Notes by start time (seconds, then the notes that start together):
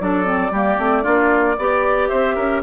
0.00 F#3 D4 A4 D5
0.24 C4
0.51 G3 A#3 G4
0.78 A3 C4
1.03 A#3 D4 F4
1.58 B3 G4 D5
2.08 C4 C5 E5
2.35 C#4 A#4